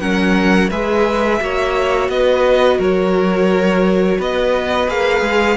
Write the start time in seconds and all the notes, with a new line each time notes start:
0.00 F#3 C#4 A#4 F#5
0.70 G#3 G#4 B4 E5
1.40 A#3 F#4 C#5
2.09 B3 B4 D#5
2.78 F#3 A#4 C#5
4.18 B3 B4 D#5
4.88 A#3 G#4 F5
5.21 G#3